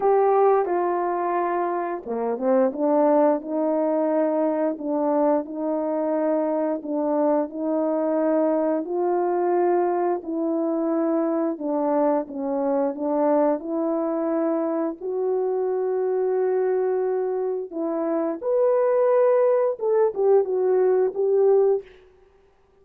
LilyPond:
\new Staff \with { instrumentName = "horn" } { \time 4/4 \tempo 4 = 88 g'4 f'2 ais8 c'8 | d'4 dis'2 d'4 | dis'2 d'4 dis'4~ | dis'4 f'2 e'4~ |
e'4 d'4 cis'4 d'4 | e'2 fis'2~ | fis'2 e'4 b'4~ | b'4 a'8 g'8 fis'4 g'4 | }